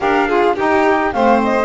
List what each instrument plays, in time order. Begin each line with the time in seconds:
0.00 double bass D4, saxophone G4, violin A#4, flute F5
0.27 saxophone F4, violin G#4
0.55 saxophone D#4, double bass D#4, violin G4, flute G5
1.12 double bass A3, saxophone C4, violin C5, flute F5
1.43 flute D#5